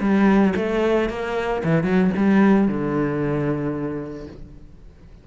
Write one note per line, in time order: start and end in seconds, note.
0.00 0.53 G3
0.56 1.09 A3
1.09 1.62 A#3
1.64 1.83 E3
1.83 2.10 F#3
2.16 2.67 G3
2.67 4.27 D3